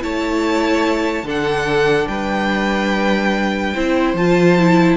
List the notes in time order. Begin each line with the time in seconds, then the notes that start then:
0.00 A3 E4 C#5 A5
1.23 D3 D4 A4
1.29 F#5
2.07 G3 B4 G5
3.73 C4 E4 C5
4.14 F3 F4 A5
4.58 E4